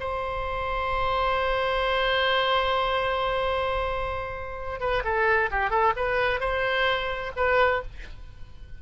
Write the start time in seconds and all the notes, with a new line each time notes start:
0.00 C5
4.80 B4
5.04 A4
5.51 G4
5.70 A4
5.96 B4
6.40 C5
7.37 B4